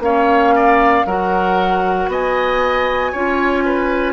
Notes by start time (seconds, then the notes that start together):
0.00 A#3 C#4 C#5 F5
0.55 D5
1.06 F#3 F#4 A#4 F#5
2.08 B3 D#5 G#5
3.12 C#4 F4 C#5
3.65 B4